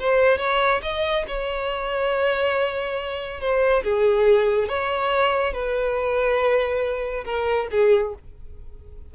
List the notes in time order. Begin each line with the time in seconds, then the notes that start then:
0.00 C5
0.39 C#5
0.83 D#5
1.28 C#5
3.41 C5
3.84 G#4
4.69 C#5
5.54 B4
7.25 A#4
7.72 G#4